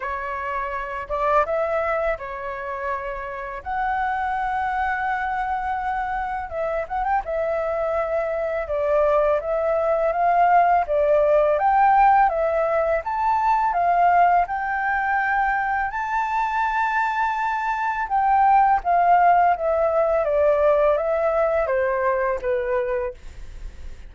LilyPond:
\new Staff \with { instrumentName = "flute" } { \time 4/4 \tempo 4 = 83 cis''4. d''8 e''4 cis''4~ | cis''4 fis''2.~ | fis''4 e''8 fis''16 g''16 e''2 | d''4 e''4 f''4 d''4 |
g''4 e''4 a''4 f''4 | g''2 a''2~ | a''4 g''4 f''4 e''4 | d''4 e''4 c''4 b'4 | }